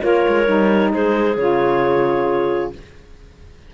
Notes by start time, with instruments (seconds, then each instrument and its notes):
0.00 cello A#3, saxophone F4, clarinet A#4 C#5
0.27 cello G#3
0.45 cello G3, saxophone D#4
0.92 cello G#3, clarinet G#4 C5
1.37 cello C#3, saxophone F4, clarinet C#5